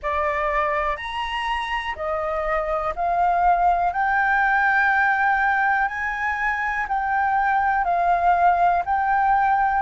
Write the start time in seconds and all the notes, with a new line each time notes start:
0.02 D5
0.96 A#5
1.95 D#5
2.95 F5
3.93 G5
5.87 G#5
6.88 G5
7.84 F5
8.85 G5